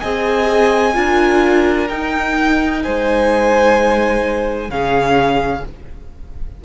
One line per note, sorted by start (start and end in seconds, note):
0.00 0.96 C4
0.00 0.93 G#4
0.00 0.94 D#5
0.00 1.88 G#5
0.93 1.89 D4
0.93 1.87 F4
0.93 2.84 A#4
1.88 2.83 D#4
1.88 4.69 D#4
1.88 2.82 G5
2.82 4.69 G#3
2.82 4.70 C5
2.82 4.70 G#5
4.69 5.62 C#3
4.69 5.62 C#4
4.69 5.64 G#4
4.69 5.64 F5